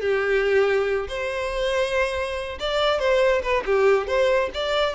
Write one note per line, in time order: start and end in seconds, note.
0.00 1.07 G4
1.08 2.58 C5
2.59 2.99 D5
2.99 3.42 C5
3.42 3.63 B4
3.65 4.07 G4
4.07 4.50 C5
4.54 4.94 D5